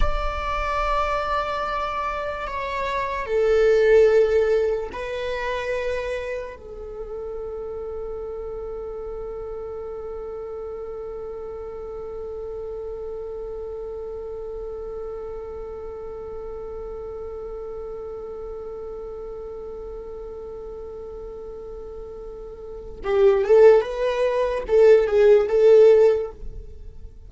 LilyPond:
\new Staff \with { instrumentName = "viola" } { \time 4/4 \tempo 4 = 73 d''2. cis''4 | a'2 b'2 | a'1~ | a'1~ |
a'1~ | a'1~ | a'1 | g'8 a'8 b'4 a'8 gis'8 a'4 | }